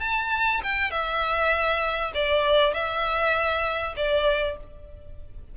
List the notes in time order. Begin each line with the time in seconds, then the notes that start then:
0.00 A5
0.63 G5
0.91 E5
2.14 D5
2.74 E5
3.96 D5